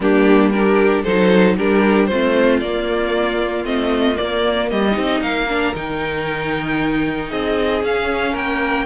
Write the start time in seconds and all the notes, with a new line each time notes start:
0.00 G3 A#3 D4 G4
0.50 D4 G4 A#4
1.03 F#3 D#4 A4 C5
1.56 G3 D4 G4 A#4
2.05 C4 F4 C5
2.12 A3
2.60 A#3 D5
3.64 A3 C4 D#5
4.15 A#3 D5
4.69 G3 G4 D#5
4.91 C4 D#4
5.20 A#3 A#4 F5
5.48 D4
5.74 D#3 D#4 G5
7.29 C4 G#4 D#5
7.82 C#4 F5
8.32 A#3 A#4 G5